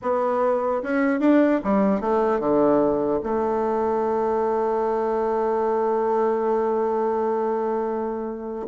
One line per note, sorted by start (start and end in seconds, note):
0.01 0.82 B3
0.83 1.20 C#4
1.20 1.60 D4
1.64 2.00 G3
2.00 2.39 A3
2.39 3.20 D3
3.23 8.67 A3